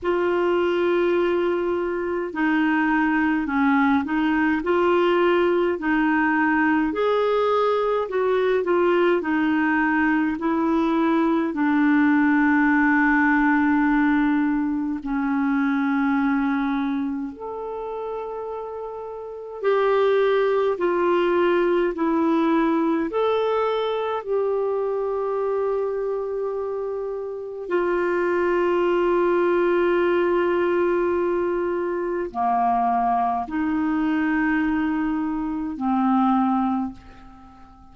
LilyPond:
\new Staff \with { instrumentName = "clarinet" } { \time 4/4 \tempo 4 = 52 f'2 dis'4 cis'8 dis'8 | f'4 dis'4 gis'4 fis'8 f'8 | dis'4 e'4 d'2~ | d'4 cis'2 a'4~ |
a'4 g'4 f'4 e'4 | a'4 g'2. | f'1 | ais4 dis'2 c'4 | }